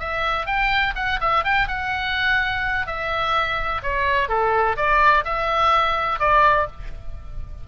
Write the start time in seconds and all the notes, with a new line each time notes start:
0.00 E5
0.47 G5
0.96 F#5
1.21 E5
1.45 G5
1.68 F#5
2.87 E5
3.83 C#5
4.29 A4
4.77 D5
5.25 E5
6.20 D5